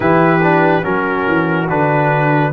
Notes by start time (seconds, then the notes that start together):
0.00 E3 E4 G4 B4
0.42 D4
0.82 F#3 C#4 F#4 A#4
1.27 E3
1.69 D3 D4 B4